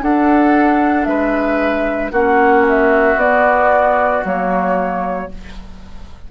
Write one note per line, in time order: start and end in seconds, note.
0.00 2.11 D4
0.00 1.06 D4
0.00 1.08 A4
0.00 1.04 F#5
1.04 2.11 G#3
1.04 2.11 B4
1.04 2.09 E5
2.11 3.15 A#3
2.11 3.18 C#4
2.11 5.27 F#4
2.11 2.65 F#5
2.68 3.19 E5
3.15 4.21 B3
3.15 4.23 B3
3.15 4.24 D5
4.23 5.29 F#3
4.23 5.29 A#3
4.23 5.31 C#5